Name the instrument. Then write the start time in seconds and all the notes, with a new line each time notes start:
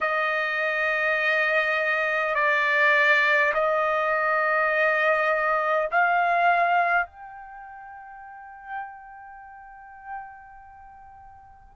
trumpet
0.01 D#5
2.35 D5
3.53 D#5
5.91 F5
7.06 G5